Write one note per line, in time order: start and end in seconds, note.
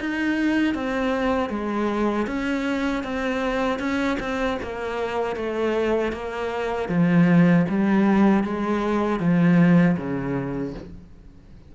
0.00 0.74 D#4
0.74 1.50 C4
1.50 2.27 G#3
2.27 3.03 C#4
3.03 3.79 C4
3.79 4.17 C#4
4.19 4.58 C4
4.62 5.36 A#3
5.36 6.12 A3
6.12 6.88 A#3
6.88 7.65 F3
7.69 8.43 G3
8.43 9.20 G#3
9.20 9.96 F3
9.97 10.74 C#3